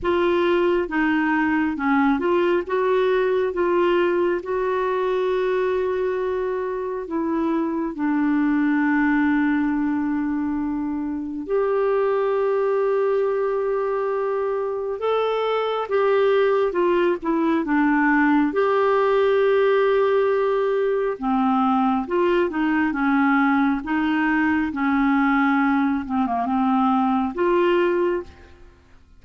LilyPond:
\new Staff \with { instrumentName = "clarinet" } { \time 4/4 \tempo 4 = 68 f'4 dis'4 cis'8 f'8 fis'4 | f'4 fis'2. | e'4 d'2.~ | d'4 g'2.~ |
g'4 a'4 g'4 f'8 e'8 | d'4 g'2. | c'4 f'8 dis'8 cis'4 dis'4 | cis'4. c'16 ais16 c'4 f'4 | }